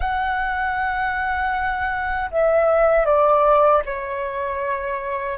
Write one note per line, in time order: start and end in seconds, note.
0.00 2.30 F#5
2.30 3.05 E5
3.05 3.82 D5
3.85 5.37 C#5